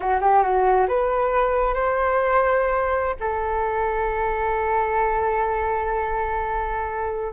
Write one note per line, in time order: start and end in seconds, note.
0.00 0.19 F#4
0.21 0.42 G4
0.43 0.86 F#4
0.87 1.73 B4
1.73 3.16 C5
3.20 7.32 A4